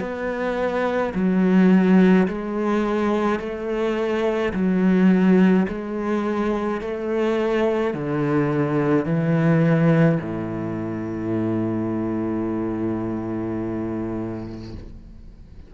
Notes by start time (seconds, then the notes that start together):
0.00 B3
1.14 F#3
2.28 G#3
3.40 A3
4.53 F#3
5.69 G#3
6.81 A3
7.94 D3
9.06 E3
10.21 A2